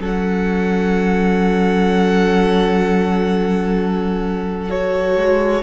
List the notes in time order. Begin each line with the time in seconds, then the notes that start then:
0.00 F#3 C#4 A4 F#5
4.69 F#4 C#5
5.16 G#3